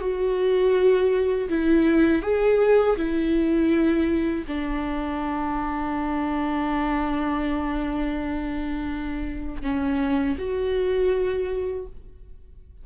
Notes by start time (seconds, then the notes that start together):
0.00 F#4
1.49 E4
2.22 G#4
2.96 E4
4.47 D4
9.62 C#4
10.38 F#4